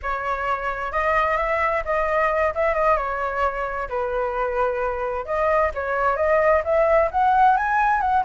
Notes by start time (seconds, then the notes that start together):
0.02 C#5
0.92 D#5
1.37 E5
1.84 D#5
2.54 E5
2.74 D#5
2.96 C#5
3.88 B4
5.25 D#5
5.74 C#5
6.16 D#5
6.64 E5
7.11 F#5
7.56 G#5
8.00 F#5